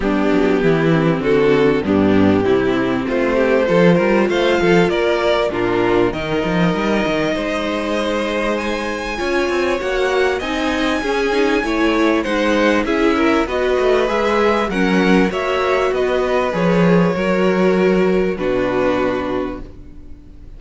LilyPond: <<
  \new Staff \with { instrumentName = "violin" } { \time 4/4 \tempo 4 = 98 g'2 a'4 g'4~ | g'4 c''2 f''4 | d''4 ais'4 dis''2~ | dis''2 gis''2 |
fis''4 gis''2. | fis''4 e''4 dis''4 e''4 | fis''4 e''4 dis''4 cis''4~ | cis''2 b'2 | }
  \new Staff \with { instrumentName = "violin" } { \time 4/4 d'4 e'4 fis'4 d'4 | e'4 f'8 g'8 a'8 ais'8 c''8 a'8 | ais'4 f'4 ais'2 | c''2. cis''4~ |
cis''4 dis''4 gis'4 cis''4 | c''4 gis'8 ais'8 b'2 | ais'4 cis''4 b'2 | ais'2 fis'2 | }
  \new Staff \with { instrumentName = "viola" } { \time 4/4 b4. c'4. b4 | c'2 f'2~ | f'4 d'4 dis'2~ | dis'2. f'4 |
fis'4 dis'4 cis'8 dis'8 e'4 | dis'4 e'4 fis'4 gis'4 | cis'4 fis'2 gis'4 | fis'2 d'2 | }
  \new Staff \with { instrumentName = "cello" } { \time 4/4 g8 fis8 e4 d4 g,4 | c4 a4 f8 g8 a8 f8 | ais4 ais,4 dis8 f8 g8 dis8 | gis2. cis'8 c'8 |
ais4 c'4 cis'4 a4 | gis4 cis'4 b8 a8 gis4 | fis4 ais4 b4 f4 | fis2 b,2 | }
>>